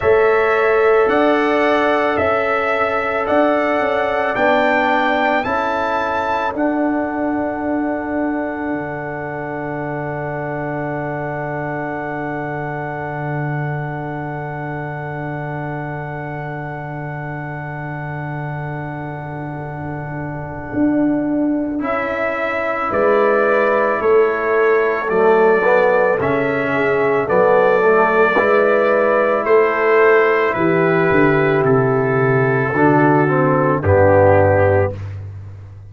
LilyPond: <<
  \new Staff \with { instrumentName = "trumpet" } { \time 4/4 \tempo 4 = 55 e''4 fis''4 e''4 fis''4 | g''4 a''4 fis''2~ | fis''1~ | fis''1~ |
fis''1 | e''4 d''4 cis''4 d''4 | e''4 d''2 c''4 | b'4 a'2 g'4 | }
  \new Staff \with { instrumentName = "horn" } { \time 4/4 cis''4 d''4 e''4 d''4~ | d''4 a'2.~ | a'1~ | a'1~ |
a'1~ | a'4 b'4 a'2~ | a'8 gis'8 a'4 b'4 a'4 | g'2 fis'4 d'4 | }
  \new Staff \with { instrumentName = "trombone" } { \time 4/4 a'1 | d'4 e'4 d'2~ | d'1~ | d'1~ |
d'1 | e'2. a8 b8 | cis'4 b8 a8 e'2~ | e'2 d'8 c'8 b4 | }
  \new Staff \with { instrumentName = "tuba" } { \time 4/4 a4 d'4 cis'4 d'8 cis'8 | b4 cis'4 d'2 | d1~ | d1~ |
d2. d'4 | cis'4 gis4 a4 fis4 | cis4 fis4 gis4 a4 | e8 d8 c4 d4 g,4 | }
>>